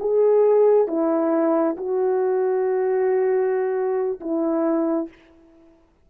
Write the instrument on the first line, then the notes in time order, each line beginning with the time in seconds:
horn
0.00 G#4
0.87 E4
1.77 F#4
4.20 E4